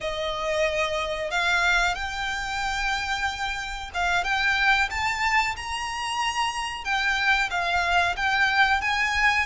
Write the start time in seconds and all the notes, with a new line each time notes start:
0.00 D#5
1.30 F5
1.94 G5
3.94 F5
4.24 G5
4.90 A5
5.56 A#5
6.84 G5
7.50 F5
8.16 G5
8.81 G#5